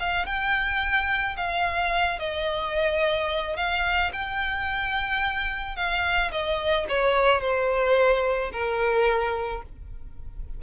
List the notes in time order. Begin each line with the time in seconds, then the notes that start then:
0.00 F5
0.26 G5
1.37 F5
2.19 D#5
3.57 F5
4.13 G5
5.76 F5
6.32 D#5
6.89 C#5
7.41 C5
8.52 A#4